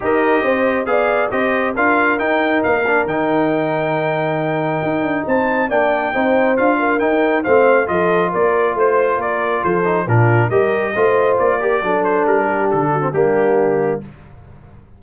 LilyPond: <<
  \new Staff \with { instrumentName = "trumpet" } { \time 4/4 \tempo 4 = 137 dis''2 f''4 dis''4 | f''4 g''4 f''4 g''4~ | g''1 | a''4 g''2 f''4 |
g''4 f''4 dis''4 d''4 | c''4 d''4 c''4 ais'4 | dis''2 d''4. c''8 | ais'4 a'4 g'2 | }
  \new Staff \with { instrumentName = "horn" } { \time 4/4 ais'4 c''4 d''4 c''4 | ais'1~ | ais'1 | c''4 d''4 c''4. ais'8~ |
ais'4 c''4 a'4 ais'4 | c''4 ais'4 a'4 f'4 | ais'4 c''4. ais'8 a'4~ | a'8 g'4 fis'8 d'2 | }
  \new Staff \with { instrumentName = "trombone" } { \time 4/4 g'2 gis'4 g'4 | f'4 dis'4. d'8 dis'4~ | dis'1~ | dis'4 d'4 dis'4 f'4 |
dis'4 c'4 f'2~ | f'2~ f'8 dis'8 d'4 | g'4 f'4. g'8 d'4~ | d'4.~ d'16 c'16 ais2 | }
  \new Staff \with { instrumentName = "tuba" } { \time 4/4 dis'4 c'4 b4 c'4 | d'4 dis'4 ais4 dis4~ | dis2. dis'8 d'8 | c'4 ais4 c'4 d'4 |
dis'4 a4 f4 ais4 | a4 ais4 f4 ais,4 | g4 a4 ais4 fis4 | g4 d4 g2 | }
>>